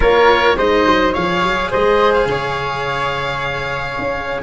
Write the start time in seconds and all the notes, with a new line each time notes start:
0.00 A#3 F4 A#4 C#5
0.56 G#3 D#4 C5 D#5
0.85 F#3
1.12 F3 G#4 C#5 F5
1.43 F#3
1.70 G#3 C5 D#5
2.13 F5
2.25 C#3 C#5
3.98 C#4